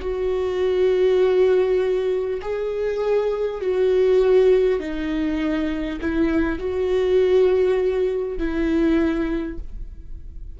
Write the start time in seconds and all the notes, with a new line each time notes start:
0.00 F#4
2.41 G#4
3.61 F#4
4.79 D#4
6.00 E4
6.58 F#4
8.38 E4